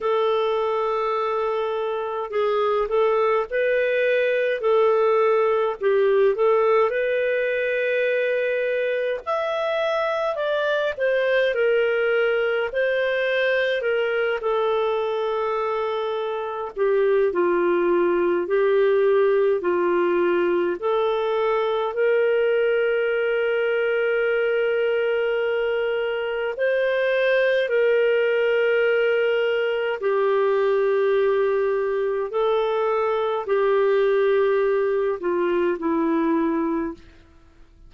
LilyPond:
\new Staff \with { instrumentName = "clarinet" } { \time 4/4 \tempo 4 = 52 a'2 gis'8 a'8 b'4 | a'4 g'8 a'8 b'2 | e''4 d''8 c''8 ais'4 c''4 | ais'8 a'2 g'8 f'4 |
g'4 f'4 a'4 ais'4~ | ais'2. c''4 | ais'2 g'2 | a'4 g'4. f'8 e'4 | }